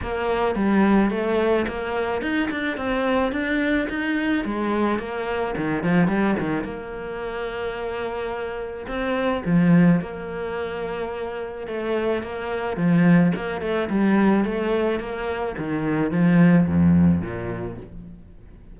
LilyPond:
\new Staff \with { instrumentName = "cello" } { \time 4/4 \tempo 4 = 108 ais4 g4 a4 ais4 | dis'8 d'8 c'4 d'4 dis'4 | gis4 ais4 dis8 f8 g8 dis8 | ais1 |
c'4 f4 ais2~ | ais4 a4 ais4 f4 | ais8 a8 g4 a4 ais4 | dis4 f4 f,4 ais,4 | }